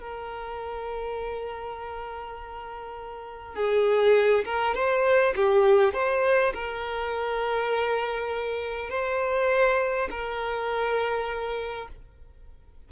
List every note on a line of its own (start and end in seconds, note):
0.00 3.56 A#4
3.56 4.45 G#4
4.45 4.75 A#4
4.75 5.34 C5
5.36 5.94 G4
5.94 6.53 C5
6.54 8.90 A#4
8.90 10.09 C5
10.10 11.89 A#4